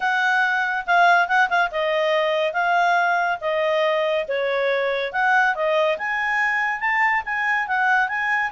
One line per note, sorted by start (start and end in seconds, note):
0.00 0.85 F#5
0.86 1.27 F5
1.27 1.49 F#5
1.49 1.71 F5
1.71 2.53 D#5
2.53 3.38 F5
3.40 4.26 D#5
4.28 5.12 C#5
5.12 5.55 F#5
5.55 5.97 D#5
5.98 6.80 G#5
6.80 7.22 A5
7.25 7.67 G#5
7.67 8.08 F#5
8.08 8.51 G#5